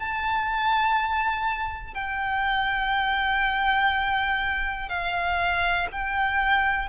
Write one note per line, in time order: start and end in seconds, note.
0.00 1.94 A5
1.94 4.90 G5
4.90 5.88 F5
5.92 6.89 G5